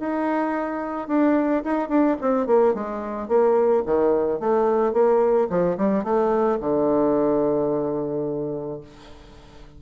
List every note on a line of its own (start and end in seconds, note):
0.00 1.08 D#4
1.08 1.63 D4
1.64 1.89 D#4
1.89 2.17 D4
2.21 2.47 C4
2.47 2.74 A#3
2.74 3.29 G#3
3.29 3.84 A#3
3.86 4.40 D#3
4.40 4.93 A3
4.93 5.48 A#3
5.50 5.77 F3
5.78 6.04 G3
6.04 6.59 A3
6.61 8.81 D3